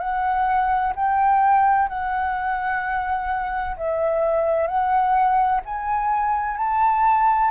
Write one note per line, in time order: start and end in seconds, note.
0.00 0.94 F#5
0.96 1.89 G5
1.89 3.76 F#5
3.77 4.67 E5
4.67 5.61 F#5
5.66 6.58 G#5
6.58 7.51 A5